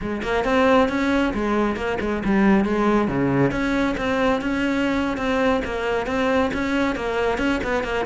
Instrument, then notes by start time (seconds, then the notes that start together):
cello
0.01 G#3
0.22 A#3
0.44 C4
0.88 C#4
1.34 G#3
1.76 A#3
2.00 G#3
2.25 G3
2.65 G#3
3.08 C#3
3.51 C#4
3.97 C4
4.41 C#4
5.17 C4
5.64 A#3
6.06 C4
6.53 C#4
6.95 A#3
7.38 C#4
7.63 B3
7.83 A#3